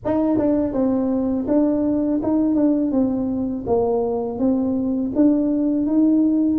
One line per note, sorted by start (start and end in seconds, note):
0.05 0.37 D#4
0.37 0.73 D4
0.73 1.46 C4
1.47 2.21 D4
2.22 2.55 D#4
2.55 2.91 D4
2.91 3.64 C4
3.67 4.38 A#3
4.38 5.12 C4
5.15 5.86 D4
5.86 6.59 D#4